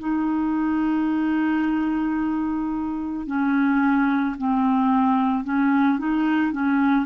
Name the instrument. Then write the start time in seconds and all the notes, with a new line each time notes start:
clarinet
0.00 D#4
3.27 C#4
4.38 C4
5.44 C#4
5.99 D#4
6.53 C#4